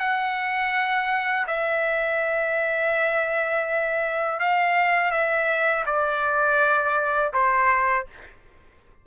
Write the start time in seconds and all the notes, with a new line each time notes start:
0.00 F#5
1.47 E5
4.40 F5
5.12 E5
5.86 D5
7.34 C5